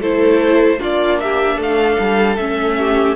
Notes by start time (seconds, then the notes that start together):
0.00 A3 E4 A4 C5
0.78 A#3 D4 F4 D5
1.20 G4 E5
1.57 A3 A4 F5
2.00 G3
2.37 A3 C#4 E5
2.78 G4